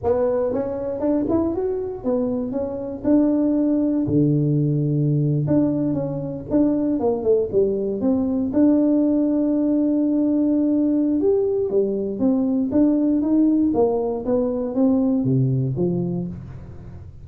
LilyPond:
\new Staff \with { instrumentName = "tuba" } { \time 4/4 \tempo 4 = 118 b4 cis'4 d'8 e'8 fis'4 | b4 cis'4 d'2 | d2~ d8. d'4 cis'16~ | cis'8. d'4 ais8 a8 g4 c'16~ |
c'8. d'2.~ d'16~ | d'2 g'4 g4 | c'4 d'4 dis'4 ais4 | b4 c'4 c4 f4 | }